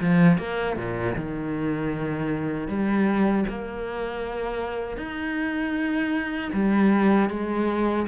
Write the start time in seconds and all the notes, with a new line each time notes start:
0.00 F3
0.37 A#3
0.76 A#2
1.15 D#3
2.67 G3
3.49 A#3
4.97 D#4
6.53 G3
7.29 G#3